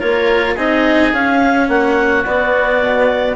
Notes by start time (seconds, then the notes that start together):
0.00 A#3 F4 A#4 C#5
0.55 C4 D#4 G#4 D#5
1.14 C#4 F5
1.69 A#3 F#4 F#5
2.26 B3 D5
2.81 B2